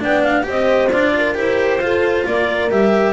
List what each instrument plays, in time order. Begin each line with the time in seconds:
0.00 double bass B3, cello D4, horn D5, clarinet G5
0.23 clarinet F5
0.43 double bass C4, cello G4, horn C5
0.50 clarinet D#5
0.91 double bass D4, cello F4, clarinet D5
1.18 horn A#4
1.35 double bass E4, cello G4, clarinet C5
1.79 double bass F4, cello F4, horn A4
2.26 double bass A#3, horn A#4, clarinet D5
2.71 double bass G3, cello G4, clarinet E5